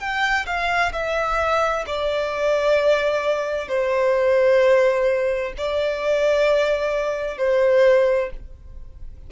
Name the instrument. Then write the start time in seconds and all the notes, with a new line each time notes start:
violin
0.00 G5
0.47 F5
0.93 E5
1.87 D5
3.69 C5
5.58 D5
7.38 C5